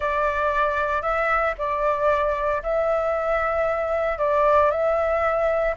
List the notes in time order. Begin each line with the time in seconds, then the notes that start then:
0.00 D5
1.02 E5
1.58 D5
2.62 E5
4.18 D5
4.70 E5